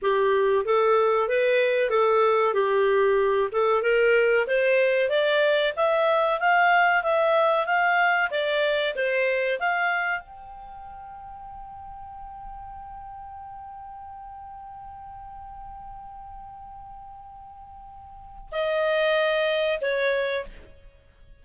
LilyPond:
\new Staff \with { instrumentName = "clarinet" } { \time 4/4 \tempo 4 = 94 g'4 a'4 b'4 a'4 | g'4. a'8 ais'4 c''4 | d''4 e''4 f''4 e''4 | f''4 d''4 c''4 f''4 |
g''1~ | g''1~ | g''1~ | g''4 dis''2 cis''4 | }